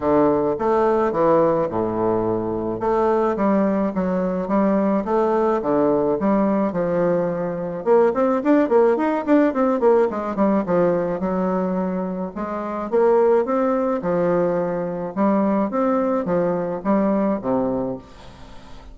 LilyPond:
\new Staff \with { instrumentName = "bassoon" } { \time 4/4 \tempo 4 = 107 d4 a4 e4 a,4~ | a,4 a4 g4 fis4 | g4 a4 d4 g4 | f2 ais8 c'8 d'8 ais8 |
dis'8 d'8 c'8 ais8 gis8 g8 f4 | fis2 gis4 ais4 | c'4 f2 g4 | c'4 f4 g4 c4 | }